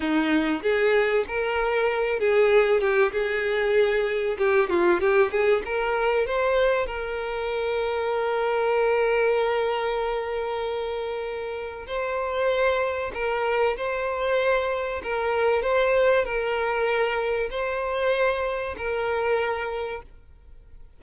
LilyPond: \new Staff \with { instrumentName = "violin" } { \time 4/4 \tempo 4 = 96 dis'4 gis'4 ais'4. gis'8~ | gis'8 g'8 gis'2 g'8 f'8 | g'8 gis'8 ais'4 c''4 ais'4~ | ais'1~ |
ais'2. c''4~ | c''4 ais'4 c''2 | ais'4 c''4 ais'2 | c''2 ais'2 | }